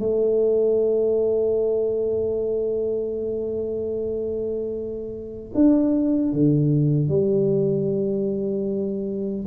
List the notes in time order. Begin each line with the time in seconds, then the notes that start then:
0.00 A3
5.55 D4
6.33 D3
7.09 G3